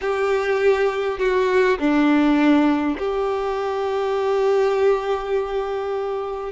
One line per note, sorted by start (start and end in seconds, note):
0.01 1.19 G4
1.19 1.78 F#4
1.78 2.97 D4
2.98 6.52 G4